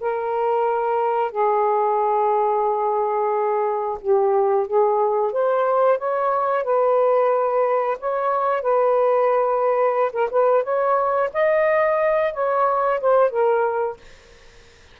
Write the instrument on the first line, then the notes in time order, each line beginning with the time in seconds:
saxophone
0.00 A#4
1.31 G#4
4.01 G4
4.67 G#4
5.32 C5
5.98 C#5
6.64 B4
8.00 C#5
8.62 B4
10.12 A#4
10.30 B4
10.63 C#5
11.33 D#5
12.33 C#5
13.00 C5
13.30 A#4